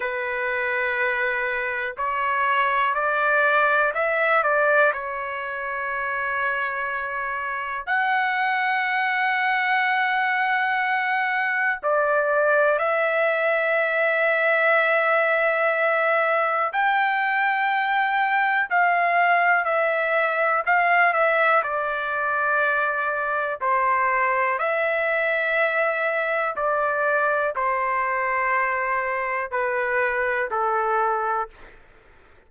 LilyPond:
\new Staff \with { instrumentName = "trumpet" } { \time 4/4 \tempo 4 = 61 b'2 cis''4 d''4 | e''8 d''8 cis''2. | fis''1 | d''4 e''2.~ |
e''4 g''2 f''4 | e''4 f''8 e''8 d''2 | c''4 e''2 d''4 | c''2 b'4 a'4 | }